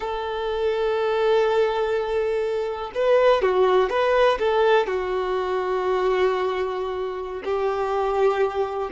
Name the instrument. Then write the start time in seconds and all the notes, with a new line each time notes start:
violin
0.00 A4
2.94 B4
3.42 F#4
3.89 B4
4.39 A4
4.86 F#4
7.44 G4